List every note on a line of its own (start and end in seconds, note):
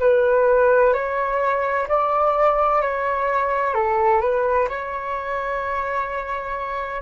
0.00 0.94 B4
0.94 1.87 C#5
1.89 2.82 D5
2.82 3.75 C#5
3.75 4.21 A4
4.21 4.68 B4
4.69 7.02 C#5